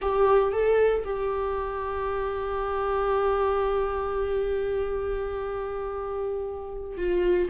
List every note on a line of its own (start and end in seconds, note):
0.01 0.52 G4
0.52 1.03 A4
1.04 6.97 G4
6.97 7.49 F4